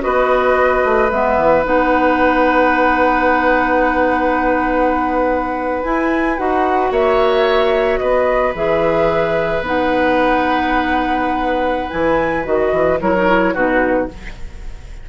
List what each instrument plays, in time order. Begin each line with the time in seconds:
0.00 bassoon B3, clarinet F#4, oboe B4, flute D#5
0.84 bassoon A3
1.11 bassoon G#3, clarinet B3, flute E5
1.37 bassoon E3
1.64 bassoon B3, clarinet D#4, flute F#5
5.84 clarinet E4, bassoon E4, flute G#5
6.37 bassoon D#4, clarinet F#4, flute F#5
6.91 bassoon A#3, oboe C#5, flute E5
7.98 bassoon B3, oboe B4, flute D#5
8.54 bassoon E3, clarinet G#4, flute E5
9.60 bassoon B3, clarinet D#4, flute F#5
11.90 bassoon E3, clarinet E4, flute G#5
12.44 bassoon D#3, clarinet F#4, flute D#5
12.72 bassoon E3
13.00 bassoon F#3, clarinet E4, oboe A#4, flute C#5
13.16 clarinet D#4
13.27 clarinet E4
13.54 bassoon B2, clarinet D#4, oboe F#4, flute B4